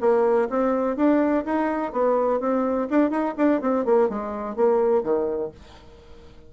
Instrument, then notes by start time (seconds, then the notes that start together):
bassoon
0.00 A#3
0.49 C4
0.96 D4
1.45 D#4
1.92 B3
2.40 C4
2.89 D4
3.10 D#4
3.37 D4
3.61 C4
3.85 A#3
4.09 G#3
4.56 A#3
5.03 D#3